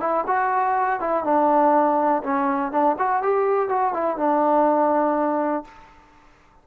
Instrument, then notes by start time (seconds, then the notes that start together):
trombone
0.00 E4
0.27 F#4
1.00 E4
1.24 D4
2.23 C#4
2.72 D4
2.99 F#4
3.23 G4
3.69 F#4
3.93 E4
4.17 D4